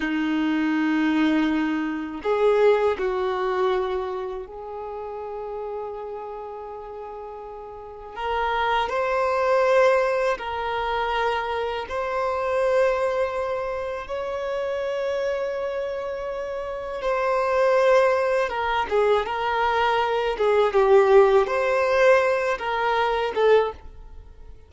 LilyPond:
\new Staff \with { instrumentName = "violin" } { \time 4/4 \tempo 4 = 81 dis'2. gis'4 | fis'2 gis'2~ | gis'2. ais'4 | c''2 ais'2 |
c''2. cis''4~ | cis''2. c''4~ | c''4 ais'8 gis'8 ais'4. gis'8 | g'4 c''4. ais'4 a'8 | }